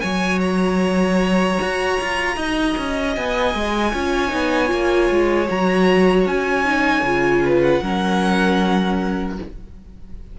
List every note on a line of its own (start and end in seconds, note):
0.00 1.58 F#3
0.00 3.93 F#4
0.00 2.35 C#5
0.00 0.39 G#5
0.40 3.13 A#5
1.61 2.00 F#4
2.00 2.36 F4
2.36 2.75 D#4
2.36 3.91 D#5
2.77 3.16 C#4
3.15 3.54 B3
3.15 5.49 G#5
3.54 3.93 G#3
3.92 4.32 C#4
3.92 4.28 F4
3.92 7.43 C#5
4.28 4.71 B3
4.28 4.66 D#4
4.66 5.10 A#3
4.66 5.44 F4
5.10 5.49 G#3
5.48 6.26 F#3
5.48 6.64 F#4
5.48 6.27 A#5
6.26 7.02 C#4
6.26 7.61 G#5
6.64 7.03 D#4
7.02 7.80 C#3
7.02 7.83 F4
7.44 7.83 B4
7.61 9.36 F#5
7.82 9.38 F#3
7.82 9.38 C#4
7.82 9.39 A#4